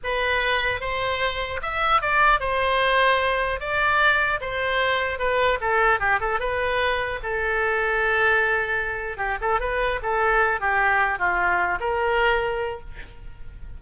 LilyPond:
\new Staff \with { instrumentName = "oboe" } { \time 4/4 \tempo 4 = 150 b'2 c''2 | e''4 d''4 c''2~ | c''4 d''2 c''4~ | c''4 b'4 a'4 g'8 a'8 |
b'2 a'2~ | a'2. g'8 a'8 | b'4 a'4. g'4. | f'4. ais'2~ ais'8 | }